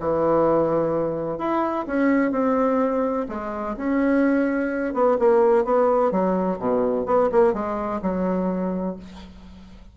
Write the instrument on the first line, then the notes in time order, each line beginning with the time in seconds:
bassoon
0.00 E3
1.38 E4
1.87 C#4
2.32 C4
3.29 G#3
3.77 C#4
4.94 B3
5.19 A#3
5.65 B3
6.12 F#3
6.59 B2
7.06 B3
7.32 A#3
7.54 G#3
8.02 F#3